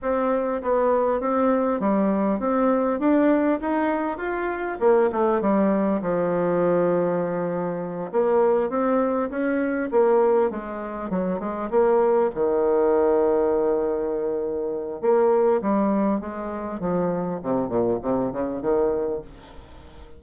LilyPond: \new Staff \with { instrumentName = "bassoon" } { \time 4/4 \tempo 4 = 100 c'4 b4 c'4 g4 | c'4 d'4 dis'4 f'4 | ais8 a8 g4 f2~ | f4. ais4 c'4 cis'8~ |
cis'8 ais4 gis4 fis8 gis8 ais8~ | ais8 dis2.~ dis8~ | dis4 ais4 g4 gis4 | f4 c8 ais,8 c8 cis8 dis4 | }